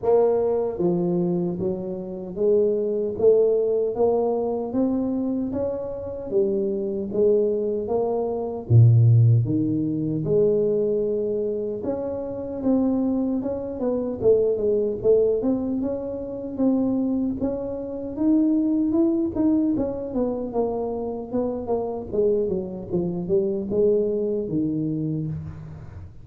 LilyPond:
\new Staff \with { instrumentName = "tuba" } { \time 4/4 \tempo 4 = 76 ais4 f4 fis4 gis4 | a4 ais4 c'4 cis'4 | g4 gis4 ais4 ais,4 | dis4 gis2 cis'4 |
c'4 cis'8 b8 a8 gis8 a8 c'8 | cis'4 c'4 cis'4 dis'4 | e'8 dis'8 cis'8 b8 ais4 b8 ais8 | gis8 fis8 f8 g8 gis4 dis4 | }